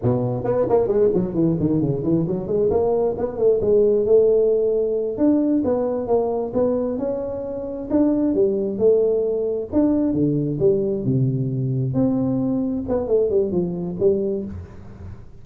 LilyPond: \new Staff \with { instrumentName = "tuba" } { \time 4/4 \tempo 4 = 133 b,4 b8 ais8 gis8 fis8 e8 dis8 | cis8 e8 fis8 gis8 ais4 b8 a8 | gis4 a2~ a8 d'8~ | d'8 b4 ais4 b4 cis'8~ |
cis'4. d'4 g4 a8~ | a4. d'4 d4 g8~ | g8 c2 c'4.~ | c'8 b8 a8 g8 f4 g4 | }